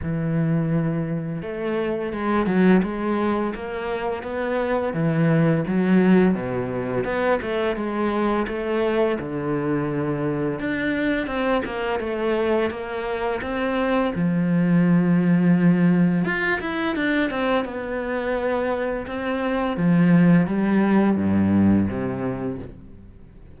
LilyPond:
\new Staff \with { instrumentName = "cello" } { \time 4/4 \tempo 4 = 85 e2 a4 gis8 fis8 | gis4 ais4 b4 e4 | fis4 b,4 b8 a8 gis4 | a4 d2 d'4 |
c'8 ais8 a4 ais4 c'4 | f2. f'8 e'8 | d'8 c'8 b2 c'4 | f4 g4 g,4 c4 | }